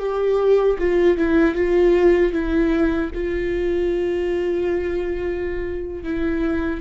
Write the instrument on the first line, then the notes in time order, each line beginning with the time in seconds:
viola
0.00 G4
0.79 F4
1.18 E4
1.55 F4
2.33 E4
3.15 F4
6.04 E4